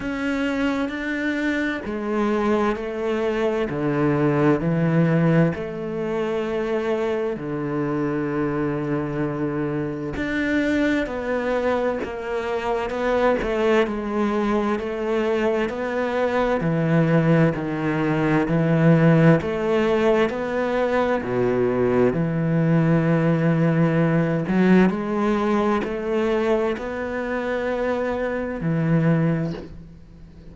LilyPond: \new Staff \with { instrumentName = "cello" } { \time 4/4 \tempo 4 = 65 cis'4 d'4 gis4 a4 | d4 e4 a2 | d2. d'4 | b4 ais4 b8 a8 gis4 |
a4 b4 e4 dis4 | e4 a4 b4 b,4 | e2~ e8 fis8 gis4 | a4 b2 e4 | }